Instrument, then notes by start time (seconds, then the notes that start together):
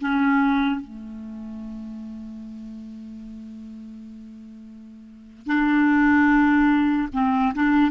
clarinet
0.00 C#4
0.80 A3
5.47 D4
7.13 C4
7.54 D4